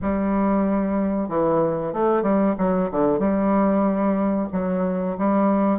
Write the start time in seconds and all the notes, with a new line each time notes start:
0.01 G3
1.28 E3
1.93 A3
2.22 G3
2.57 F#3
2.91 D3
3.19 G3
4.52 F#3
5.18 G3